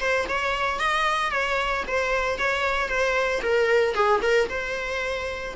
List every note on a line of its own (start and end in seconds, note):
0.00 0.26 C5
0.28 0.79 C#5
0.79 1.31 D#5
1.31 1.83 C#5
1.87 2.38 C5
2.38 2.88 C#5
2.88 3.41 C5
3.42 3.94 A#4
3.94 4.20 G#4
4.22 4.48 A#4
4.49 5.54 C5